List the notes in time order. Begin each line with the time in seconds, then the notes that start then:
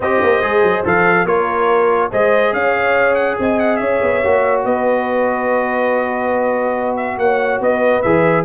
0.00 C4 G4 C5 D#5
0.22 A#3
0.41 G#3 G#4
0.62 F#3
0.85 F3 A4 F5
1.24 A#3 F4 A#4 C#5
2.11 G#3 G#4 C5 D#5
2.52 C#4 C#5 F5
3.15 F#5
3.39 C4 D#5 G#5
3.59 F#5
3.76 C#4 C#5 E5
4.02 B3
4.23 A#3 F#4
4.64 B3 B4 D#5
6.96 E5
7.17 A#3 C#5 F#5
7.60 B3 B4 D#5
8.01 E3 G#4 E5